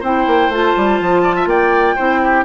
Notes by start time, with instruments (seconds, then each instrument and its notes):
0.00 bassoon C4, clarinet E4, oboe C5, flute G5
0.26 bassoon A#3
0.48 bassoon A3, clarinet F4, flute A5
0.76 bassoon G3
1.00 bassoon F3
1.23 oboe D5
1.35 oboe E5
1.46 bassoon A#3, oboe D5, flute G5
1.95 bassoon C4, clarinet E4, oboe C5
2.23 oboe G4